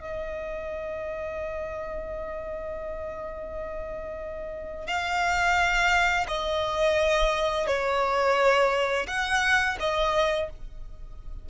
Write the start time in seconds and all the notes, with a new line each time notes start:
0.00 D#5
4.87 F5
6.28 D#5
7.67 C#5
9.08 F#5
9.80 D#5